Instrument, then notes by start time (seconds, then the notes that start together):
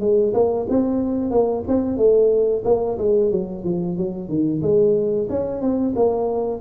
tuba
0.00 G#3
0.33 A#3
0.69 C4
1.30 A#3
1.68 C4
1.97 A3
2.64 A#3
2.98 G#3
3.31 F#3
3.64 F3
3.97 F#3
4.29 D#3
4.62 G#3
5.30 C#4
5.61 C4
5.95 A#3